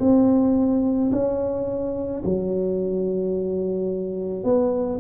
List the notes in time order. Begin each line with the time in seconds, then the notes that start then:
0.00 C4
1.12 C#4
2.25 F#3
4.44 B3